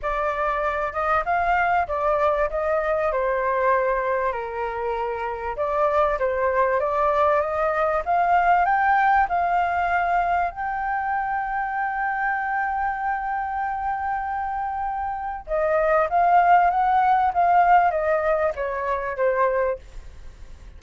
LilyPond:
\new Staff \with { instrumentName = "flute" } { \time 4/4 \tempo 4 = 97 d''4. dis''8 f''4 d''4 | dis''4 c''2 ais'4~ | ais'4 d''4 c''4 d''4 | dis''4 f''4 g''4 f''4~ |
f''4 g''2.~ | g''1~ | g''4 dis''4 f''4 fis''4 | f''4 dis''4 cis''4 c''4 | }